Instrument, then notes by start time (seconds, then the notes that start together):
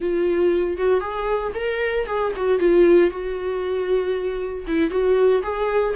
viola
0.00 F4
0.77 F#4
1.00 G#4
1.54 A#4
2.06 G#4
2.36 F#4
2.59 F4
3.10 F#4
4.67 E4
4.90 F#4
5.42 G#4